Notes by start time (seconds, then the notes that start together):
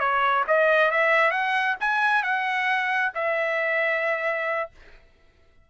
0.00 C#5
0.47 D#5
0.91 E5
1.31 F#5
1.80 G#5
2.23 F#5
3.15 E5